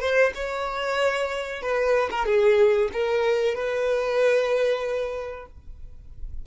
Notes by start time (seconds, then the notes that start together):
0.00 C5
0.34 C#5
1.62 B4
2.10 A#4
2.25 G#4
2.92 A#4
3.55 B4